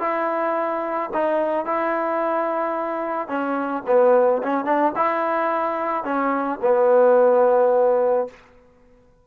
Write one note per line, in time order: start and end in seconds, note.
0.00 1.10 E4
1.14 1.66 D#4
1.66 3.28 E4
3.28 3.83 C#4
3.87 4.42 B3
4.43 4.65 C#4
4.65 4.93 D4
4.96 6.05 E4
6.05 6.60 C#4
6.62 8.27 B3